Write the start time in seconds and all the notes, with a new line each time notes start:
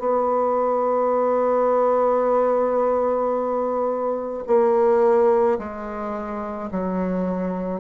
0.00 B3
4.47 A#3
5.59 G#3
6.72 F#3